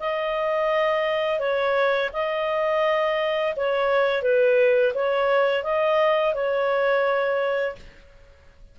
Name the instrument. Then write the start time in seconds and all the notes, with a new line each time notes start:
clarinet
0.00 D#5
1.40 C#5
2.13 D#5
3.56 C#5
4.23 B4
4.94 C#5
5.64 D#5
6.35 C#5